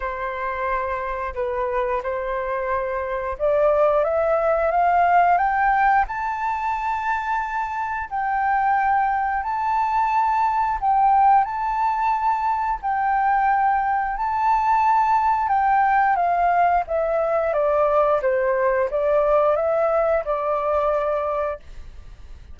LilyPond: \new Staff \with { instrumentName = "flute" } { \time 4/4 \tempo 4 = 89 c''2 b'4 c''4~ | c''4 d''4 e''4 f''4 | g''4 a''2. | g''2 a''2 |
g''4 a''2 g''4~ | g''4 a''2 g''4 | f''4 e''4 d''4 c''4 | d''4 e''4 d''2 | }